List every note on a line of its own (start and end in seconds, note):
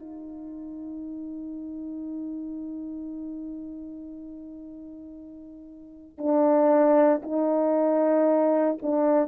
0.00 6.18 D#4
6.18 7.22 D4
7.23 8.78 D#4
8.83 9.28 D4